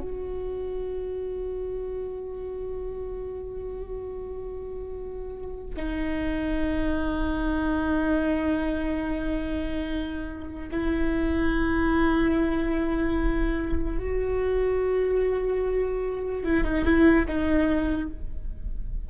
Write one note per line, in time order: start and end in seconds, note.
0.00 5.75 F#4
5.77 10.70 D#4
10.71 13.99 E4
13.99 16.44 F#4
16.44 16.64 E4
16.65 16.85 D#4
16.85 17.26 E4
17.28 18.10 D#4